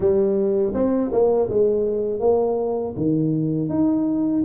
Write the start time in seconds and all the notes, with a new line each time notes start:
0.00 G3
0.74 C4
1.11 A#3
1.49 G#3
2.20 A#3
2.96 D#3
3.69 D#4